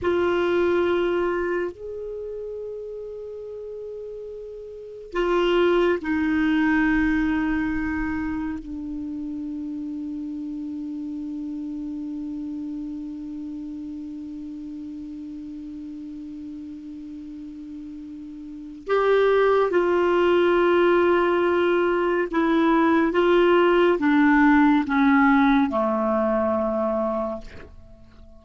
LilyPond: \new Staff \with { instrumentName = "clarinet" } { \time 4/4 \tempo 4 = 70 f'2 gis'2~ | gis'2 f'4 dis'4~ | dis'2 d'2~ | d'1~ |
d'1~ | d'2 g'4 f'4~ | f'2 e'4 f'4 | d'4 cis'4 a2 | }